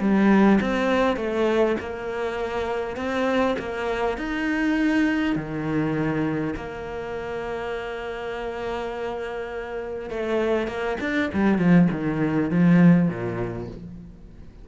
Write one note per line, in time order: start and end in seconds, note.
0.00 0.59 G3
0.61 1.17 C4
1.17 1.76 A3
1.80 2.97 A#3
2.97 3.56 C4
3.59 4.18 A#3
4.18 5.36 D#4
5.36 6.55 D#3
6.56 10.10 A#3
10.10 10.68 A3
10.68 10.97 A#3
11.01 11.31 D4
11.34 11.59 G3
11.59 11.88 F3
11.91 12.51 D#3
12.51 13.09 F3
13.09 13.68 A#2